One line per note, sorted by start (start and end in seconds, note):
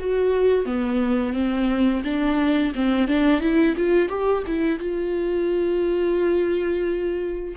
0.00 0.66 F#4
0.66 1.34 B3
1.34 2.03 C4
2.04 2.73 D4
2.75 3.08 C4
3.08 3.40 D4
3.40 3.75 E4
3.77 4.09 F4
4.09 4.43 G4
4.47 4.79 E4
4.79 7.55 F4